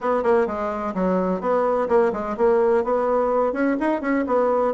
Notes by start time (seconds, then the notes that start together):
0.00 B3
0.23 A#3
0.47 G#3
0.94 F#3
1.40 B3
1.88 A#3
2.13 G#3
2.37 A#3
2.84 B3
3.53 C#4
3.79 D#4
4.01 C#4
4.26 B3